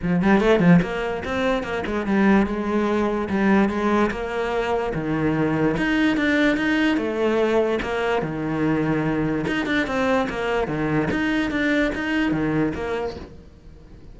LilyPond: \new Staff \with { instrumentName = "cello" } { \time 4/4 \tempo 4 = 146 f8 g8 a8 f8 ais4 c'4 | ais8 gis8 g4 gis2 | g4 gis4 ais2 | dis2 dis'4 d'4 |
dis'4 a2 ais4 | dis2. dis'8 d'8 | c'4 ais4 dis4 dis'4 | d'4 dis'4 dis4 ais4 | }